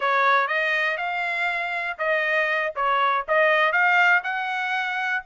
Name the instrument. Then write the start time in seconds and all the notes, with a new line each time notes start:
trumpet
0.00 C#5
0.47 D#5
0.97 F5
1.98 D#5
2.75 C#5
3.27 D#5
3.72 F5
4.23 F#5